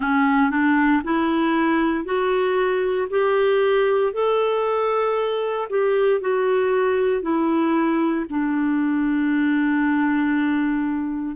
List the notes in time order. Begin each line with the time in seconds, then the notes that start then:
0.00 C#4
0.50 D4
1.03 E4
2.04 F#4
3.09 G4
4.13 A4
5.69 G4
6.20 F#4
7.22 E4
8.29 D4